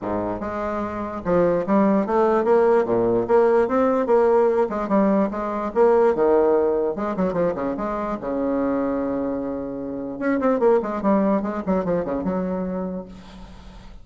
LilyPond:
\new Staff \with { instrumentName = "bassoon" } { \time 4/4 \tempo 4 = 147 gis,4 gis2 f4 | g4 a4 ais4 ais,4 | ais4 c'4 ais4. gis8 | g4 gis4 ais4 dis4~ |
dis4 gis8 fis8 f8 cis8 gis4 | cis1~ | cis4 cis'8 c'8 ais8 gis8 g4 | gis8 fis8 f8 cis8 fis2 | }